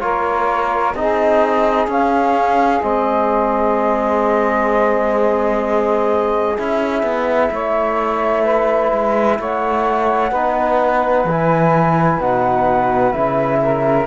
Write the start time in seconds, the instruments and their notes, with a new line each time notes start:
0.00 cello A#3, trombone F4, saxophone A#4, flute C#5
0.95 cello C4, trombone D#4, saxophone G#4, flute D#5
1.88 cello C#4, trombone C#4, flute F5
2.81 cello G#3, trombone C4, flute D#5
6.57 cello C#4, trombone E4, flute E5
7.03 cello B3
7.52 cello A3, saxophone C#5
8.44 saxophone B4
8.92 cello G#3
9.39 cello A3, saxophone C#5, flute F#5
10.31 cello B3, trombone D#4, saxophone B4
11.25 cello E3, trombone E4, flute G#5
12.20 cello B2, trombone D#4, flute F#5
13.13 cello C#3, trombone E4, flute E5
13.62 saxophone A#4